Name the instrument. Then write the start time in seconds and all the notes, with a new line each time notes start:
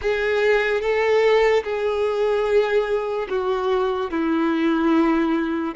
violin
0.01 G#4
0.81 A4
1.63 G#4
3.29 F#4
4.11 E4